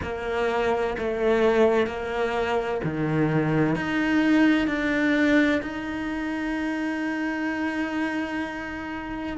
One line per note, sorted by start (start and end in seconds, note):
0.02 0.96 A#3
0.98 1.87 A3
1.87 2.80 A#3
2.84 3.75 D#3
3.75 4.67 D#4
4.67 5.61 D4
5.62 9.37 D#4